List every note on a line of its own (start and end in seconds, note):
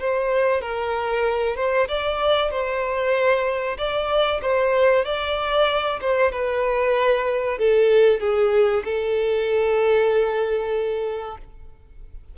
0.00 0.62 C5
0.62 1.56 A#4
1.56 1.88 C5
1.89 2.51 D5
2.51 3.78 C5
3.78 4.41 D5
4.42 5.05 C5
5.05 6.00 D5
6.02 6.32 C5
6.32 7.58 B4
7.58 8.21 A4
8.21 8.84 G#4
8.85 11.38 A4